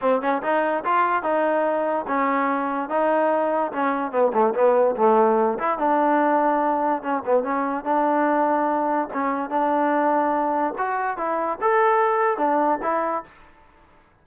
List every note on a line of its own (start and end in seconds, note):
0.01 0.21 C4
0.21 0.42 C#4
0.42 0.83 D#4
0.84 1.23 F4
1.23 2.05 D#4
2.07 2.89 C#4
2.89 3.71 D#4
3.72 4.11 C#4
4.11 4.32 B3
4.33 4.53 A3
4.54 4.95 B3
4.96 5.58 A3
5.58 5.78 E4
5.78 7.02 D4
7.02 7.23 C#4
7.25 7.43 B3
7.43 7.84 C#4
7.84 9.08 D4
9.13 9.49 C#4
9.49 10.74 D4
10.78 11.17 F#4
11.17 11.58 E4
11.61 12.37 A4
12.37 12.79 D4
12.82 13.23 E4